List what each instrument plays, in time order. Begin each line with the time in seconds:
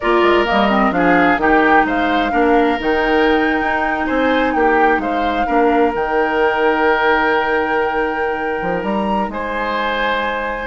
0.00 bassoon A#3, clarinet F4, oboe A#4, flute D5
0.22 bassoon G#3
0.45 clarinet A#3, flute D#5
0.51 bassoon G3
0.69 clarinet C4
0.91 bassoon F3, clarinet D4, oboe G#4, flute F5
1.37 bassoon D#3, clarinet D#4, oboe G4, flute G5
1.85 bassoon G#3, oboe C5, flute F5
2.31 bassoon A#3, clarinet D4, oboe A#4
2.79 bassoon D#3, clarinet D#4, flute G5
3.60 bassoon D#4
4.06 bassoon C4, oboe C5, flute G#5
4.53 bassoon A#3, oboe G4, flute G5
4.98 bassoon G#3, oboe C5, flute F5
5.46 bassoon A#3, clarinet D4, oboe A#4
5.92 bassoon D#3, clarinet D#4, flute G5
8.61 bassoon F3
8.83 bassoon G3, flute A#5
9.28 bassoon G#3, oboe C5, flute G#5